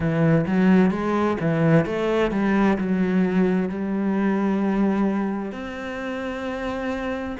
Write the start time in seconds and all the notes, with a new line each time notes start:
0.00 E3
0.47 F#3
0.91 G#3
1.40 E3
1.85 A3
2.31 G3
2.78 F#3
3.69 G3
5.51 C4